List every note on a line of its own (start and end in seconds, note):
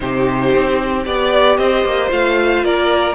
0.00 0.54 C3
0.00 1.04 D#4
0.00 1.05 G4
0.00 1.04 C5
0.54 1.06 C4
1.04 1.58 B3
1.04 2.09 G4
1.04 1.57 D5
1.04 1.58 D5
1.57 1.84 C4
1.57 2.64 C5
1.57 2.09 D#5
1.84 2.10 A#3
2.09 2.63 A3
2.09 3.14 F4
2.09 2.64 F5
2.63 3.14 A#3
2.63 3.14 A#4
2.63 3.14 D5